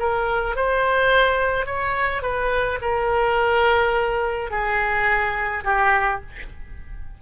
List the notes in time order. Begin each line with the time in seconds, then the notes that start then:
0.00 A#4
0.56 C5
1.66 C#5
2.23 B4
2.82 A#4
4.51 G#4
5.65 G4